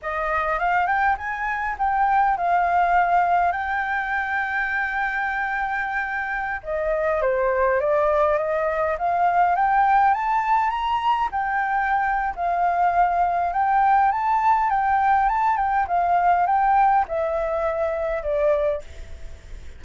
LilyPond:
\new Staff \with { instrumentName = "flute" } { \time 4/4 \tempo 4 = 102 dis''4 f''8 g''8 gis''4 g''4 | f''2 g''2~ | g''2.~ g''16 dis''8.~ | dis''16 c''4 d''4 dis''4 f''8.~ |
f''16 g''4 a''4 ais''4 g''8.~ | g''4 f''2 g''4 | a''4 g''4 a''8 g''8 f''4 | g''4 e''2 d''4 | }